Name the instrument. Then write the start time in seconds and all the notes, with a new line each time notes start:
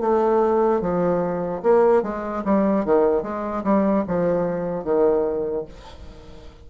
bassoon
0.00 A3
0.81 F3
1.63 A#3
2.03 G#3
2.44 G3
2.85 D#3
3.22 G#3
3.63 G3
4.08 F3
4.84 D#3